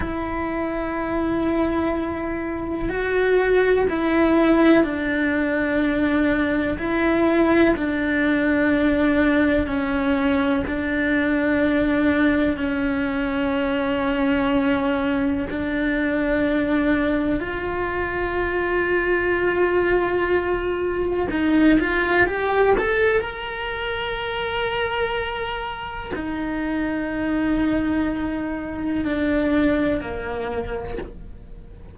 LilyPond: \new Staff \with { instrumentName = "cello" } { \time 4/4 \tempo 4 = 62 e'2. fis'4 | e'4 d'2 e'4 | d'2 cis'4 d'4~ | d'4 cis'2. |
d'2 f'2~ | f'2 dis'8 f'8 g'8 a'8 | ais'2. dis'4~ | dis'2 d'4 ais4 | }